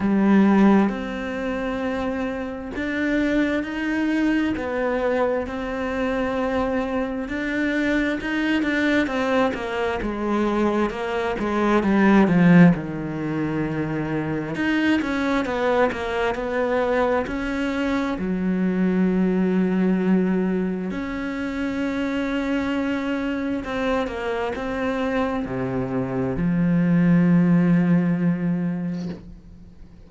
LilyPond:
\new Staff \with { instrumentName = "cello" } { \time 4/4 \tempo 4 = 66 g4 c'2 d'4 | dis'4 b4 c'2 | d'4 dis'8 d'8 c'8 ais8 gis4 | ais8 gis8 g8 f8 dis2 |
dis'8 cis'8 b8 ais8 b4 cis'4 | fis2. cis'4~ | cis'2 c'8 ais8 c'4 | c4 f2. | }